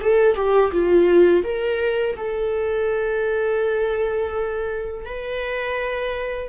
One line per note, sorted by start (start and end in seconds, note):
0.00 0.35 A4
0.35 0.71 G4
0.72 1.44 F4
1.44 2.16 A#4
2.16 5.05 A4
5.05 6.49 B4